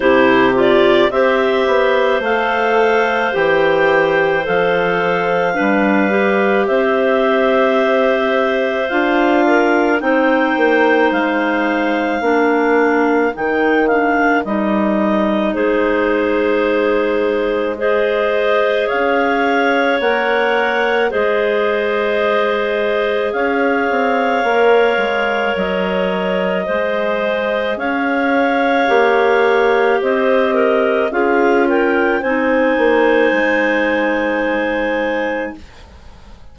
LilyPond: <<
  \new Staff \with { instrumentName = "clarinet" } { \time 4/4 \tempo 4 = 54 c''8 d''8 e''4 f''4 g''4 | f''2 e''2 | f''4 g''4 f''2 | g''8 f''8 dis''4 c''2 |
dis''4 f''4 fis''4 dis''4~ | dis''4 f''2 dis''4~ | dis''4 f''2 dis''4 | f''8 g''8 gis''2. | }
  \new Staff \with { instrumentName = "clarinet" } { \time 4/4 g'4 c''2.~ | c''4 b'4 c''2~ | c''8 ais'8 c''2 ais'4~ | ais'2 gis'2 |
c''4 cis''2 c''4~ | c''4 cis''2. | c''4 cis''2 c''8 ais'8 | gis'8 ais'8 c''2. | }
  \new Staff \with { instrumentName = "clarinet" } { \time 4/4 e'8 f'8 g'4 a'4 g'4 | a'4 d'8 g'2~ g'8 | f'4 dis'2 d'4 | dis'8 d'8 dis'2. |
gis'2 ais'4 gis'4~ | gis'2 ais'2 | gis'2 g'2 | f'4 dis'2. | }
  \new Staff \with { instrumentName = "bassoon" } { \time 4/4 c4 c'8 b8 a4 e4 | f4 g4 c'2 | d'4 c'8 ais8 gis4 ais4 | dis4 g4 gis2~ |
gis4 cis'4 ais4 gis4~ | gis4 cis'8 c'8 ais8 gis8 fis4 | gis4 cis'4 ais4 c'4 | cis'4 c'8 ais8 gis2 | }
>>